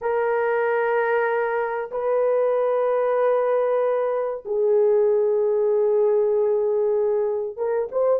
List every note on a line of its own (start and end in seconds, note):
0.01 1.90 A#4
1.91 4.43 B4
4.45 7.56 G#4
7.56 7.88 A#4
7.91 8.20 C5